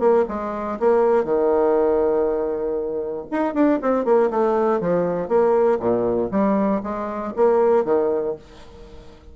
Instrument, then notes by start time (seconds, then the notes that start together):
bassoon
0.00 A#3
0.29 G#3
0.80 A#3
1.25 D#3
3.32 D#4
3.54 D4
3.83 C4
4.05 A#3
4.31 A3
4.81 F3
5.29 A#3
5.80 A#2
6.32 G3
6.83 G#3
7.36 A#3
7.85 D#3